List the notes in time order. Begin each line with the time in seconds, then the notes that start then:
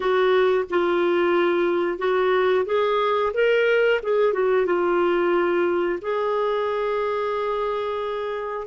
0.00 F#4
0.70 F4
1.98 F#4
2.65 G#4
3.33 A#4
4.02 G#4
4.33 F#4
4.65 F4
6.01 G#4